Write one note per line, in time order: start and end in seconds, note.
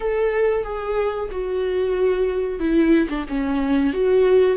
0.00 0.64 A4
0.64 1.29 G#4
1.31 2.59 F#4
2.59 3.08 E4
3.09 3.25 D4
3.28 3.93 C#4
3.93 4.56 F#4